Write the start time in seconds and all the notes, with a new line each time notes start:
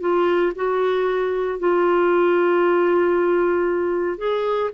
0.00 F4
0.55 F#4
1.59 F4
4.18 G#4